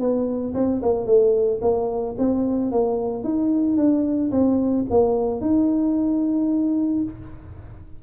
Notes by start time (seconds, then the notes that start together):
0.00 B3
0.55 C4
0.83 A#3
1.06 A3
1.62 A#3
2.18 C4
2.72 A#3
3.24 D#4
3.77 D4
4.32 C4
4.90 A#3
5.41 D#4